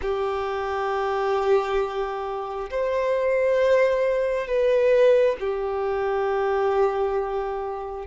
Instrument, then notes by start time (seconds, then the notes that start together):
violin
0.01 G4
2.70 C5
4.47 B4
5.40 G4